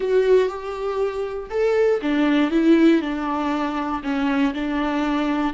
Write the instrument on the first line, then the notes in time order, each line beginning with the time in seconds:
viola
0.00 F#4
0.48 G4
1.50 A4
2.01 D4
2.50 E4
3.01 D4
4.03 C#4
4.54 D4